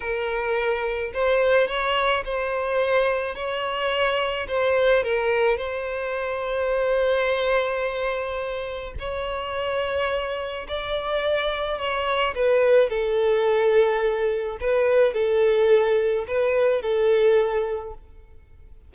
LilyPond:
\new Staff \with { instrumentName = "violin" } { \time 4/4 \tempo 4 = 107 ais'2 c''4 cis''4 | c''2 cis''2 | c''4 ais'4 c''2~ | c''1 |
cis''2. d''4~ | d''4 cis''4 b'4 a'4~ | a'2 b'4 a'4~ | a'4 b'4 a'2 | }